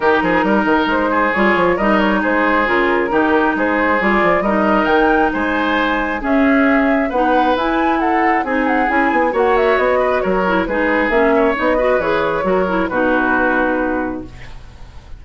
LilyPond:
<<
  \new Staff \with { instrumentName = "flute" } { \time 4/4 \tempo 4 = 135 ais'2 c''4 cis''4 | dis''8 cis''8 c''4 ais'2 | c''4 d''4 dis''4 g''4 | gis''2 e''2 |
fis''4 gis''4 fis''4 gis''8 fis''8 | gis''4 fis''8 e''8 dis''4 cis''4 | b'4 e''4 dis''4 cis''4~ | cis''4 b'2. | }
  \new Staff \with { instrumentName = "oboe" } { \time 4/4 g'8 gis'8 ais'4. gis'4. | ais'4 gis'2 g'4 | gis'2 ais'2 | c''2 gis'2 |
b'2 a'4 gis'4~ | gis'4 cis''4. b'8 ais'4 | gis'4. cis''4 b'4. | ais'4 fis'2. | }
  \new Staff \with { instrumentName = "clarinet" } { \time 4/4 dis'2. f'4 | dis'2 f'4 dis'4~ | dis'4 f'4 dis'2~ | dis'2 cis'2 |
dis'4 e'2 dis'4 | e'4 fis'2~ fis'8 e'8 | dis'4 cis'4 dis'8 fis'8 gis'4 | fis'8 e'8 dis'2. | }
  \new Staff \with { instrumentName = "bassoon" } { \time 4/4 dis8 f8 g8 dis8 gis4 g8 f8 | g4 gis4 cis4 dis4 | gis4 g8 f8 g4 dis4 | gis2 cis'2 |
b4 e'2 c'4 | cis'8 b8 ais4 b4 fis4 | gis4 ais4 b4 e4 | fis4 b,2. | }
>>